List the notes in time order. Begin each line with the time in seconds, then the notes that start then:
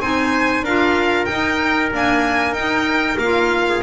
0.00 C4 D#4 C5 G#5
0.62 D4 F4 A#4 F5
1.25 D#4 G5
1.92 A#3 D4 G#5
2.53 D#4 G5
3.18 A#3 F4 F5
3.69 G#4